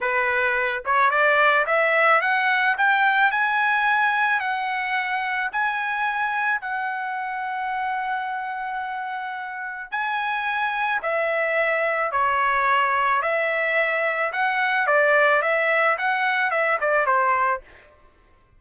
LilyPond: \new Staff \with { instrumentName = "trumpet" } { \time 4/4 \tempo 4 = 109 b'4. cis''8 d''4 e''4 | fis''4 g''4 gis''2 | fis''2 gis''2 | fis''1~ |
fis''2 gis''2 | e''2 cis''2 | e''2 fis''4 d''4 | e''4 fis''4 e''8 d''8 c''4 | }